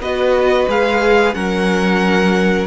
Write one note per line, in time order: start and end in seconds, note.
0.00 0.67 B3
0.00 0.69 F#4
0.00 1.35 B4
0.00 0.68 D#5
0.68 1.35 G#3
0.68 1.33 G#4
0.68 1.34 F5
1.33 2.67 F#3
1.33 2.67 C#4
1.33 2.67 A#4
1.33 2.67 F#5